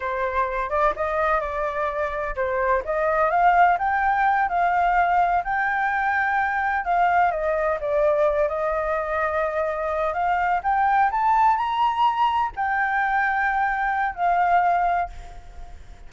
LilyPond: \new Staff \with { instrumentName = "flute" } { \time 4/4 \tempo 4 = 127 c''4. d''8 dis''4 d''4~ | d''4 c''4 dis''4 f''4 | g''4. f''2 g''8~ | g''2~ g''8 f''4 dis''8~ |
dis''8 d''4. dis''2~ | dis''4. f''4 g''4 a''8~ | a''8 ais''2 g''4.~ | g''2 f''2 | }